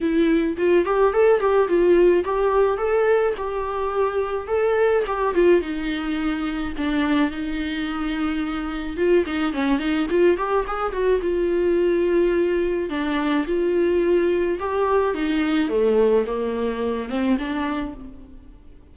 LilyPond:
\new Staff \with { instrumentName = "viola" } { \time 4/4 \tempo 4 = 107 e'4 f'8 g'8 a'8 g'8 f'4 | g'4 a'4 g'2 | a'4 g'8 f'8 dis'2 | d'4 dis'2. |
f'8 dis'8 cis'8 dis'8 f'8 g'8 gis'8 fis'8 | f'2. d'4 | f'2 g'4 dis'4 | a4 ais4. c'8 d'4 | }